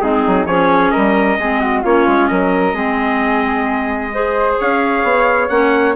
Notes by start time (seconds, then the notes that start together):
0.00 G#3 C4 D#4 G#4
0.27 F#3
0.46 F3 C#4 G#4 C#5
0.91 G3 A#4 D#5
1.37 G#3 C4 G#4
1.60 F#4
1.83 A#3 C#4 F4 C#5
2.06 G#3
2.27 F#3 A#4 D#5
2.73 G#3 C4 G#4
4.13 G#4 C5
4.58 C#4 C#5 F5
5.03 B3
5.48 A#3 C#4 F#5